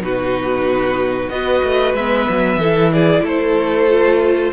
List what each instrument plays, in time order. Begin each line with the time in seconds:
0.00 cello B2, viola D#4, violin F#4 B4
1.29 cello B3, viola F#4, violin B4 D#5
1.63 cello A3
1.94 cello G#3, viola B3, violin E5
2.29 cello F#3
2.56 cello E3, violin A4
2.62 viola E4
2.92 violin G#4 D5
3.23 cello A3, violin A4 C5
3.89 viola F4